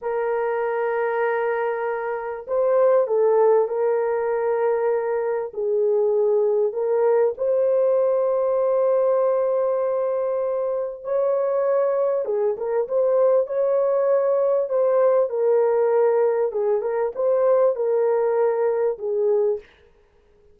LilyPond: \new Staff \with { instrumentName = "horn" } { \time 4/4 \tempo 4 = 98 ais'1 | c''4 a'4 ais'2~ | ais'4 gis'2 ais'4 | c''1~ |
c''2 cis''2 | gis'8 ais'8 c''4 cis''2 | c''4 ais'2 gis'8 ais'8 | c''4 ais'2 gis'4 | }